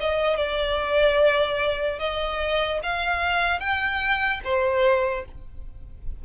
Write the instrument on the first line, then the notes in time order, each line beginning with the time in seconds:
violin
0.00 D#5
0.37 D5
1.99 D#5
2.83 F5
3.60 G5
4.44 C5